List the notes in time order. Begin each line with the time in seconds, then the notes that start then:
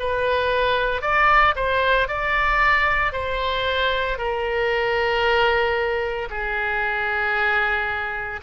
0.00 B4
1.02 D5
1.56 C5
2.09 D5
3.13 C5
4.18 A#4
6.30 G#4